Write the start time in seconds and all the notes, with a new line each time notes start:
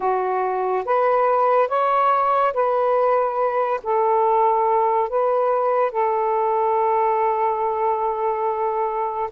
0.00 F#4
0.85 B4
1.68 C#5
2.53 B4
3.83 A4
5.09 B4
5.91 A4